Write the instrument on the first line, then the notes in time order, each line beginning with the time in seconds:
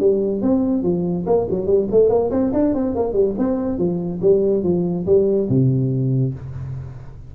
tuba
0.00 G3
0.42 C4
0.83 F3
1.27 A#3
1.50 F#3
1.66 G3
1.91 A3
2.10 A#3
2.31 C4
2.54 D4
2.75 C4
2.96 A#3
3.13 G3
3.39 C4
3.78 F3
4.22 G3
4.64 F3
5.06 G3
5.49 C3